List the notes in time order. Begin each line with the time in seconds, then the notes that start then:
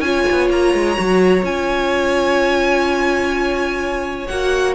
0.00 C#4 F4 G#5
0.06 C#5
0.31 B3
0.50 A#3 A#5
0.74 G#3
0.96 F#3 F#4
1.43 C#4 F4 G#5
4.28 A#3 F#4 F#5